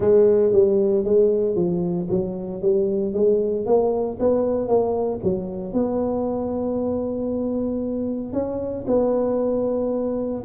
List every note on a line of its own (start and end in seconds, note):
0.00 0.52 G#3
0.52 1.04 G3
1.04 1.55 G#3
1.55 2.07 F3
2.10 2.61 F#3
2.61 3.13 G3
3.13 3.65 G#3
3.66 4.18 A#3
4.19 4.67 B3
4.67 5.20 A#3
5.23 5.73 F#3
5.73 8.32 B3
8.32 8.85 C#4
8.87 10.43 B3